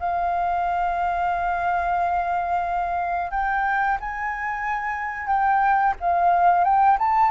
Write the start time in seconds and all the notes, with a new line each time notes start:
0.00 F5
3.31 G5
4.00 G#5
5.27 G5
6.00 F5
6.64 G5
6.99 A5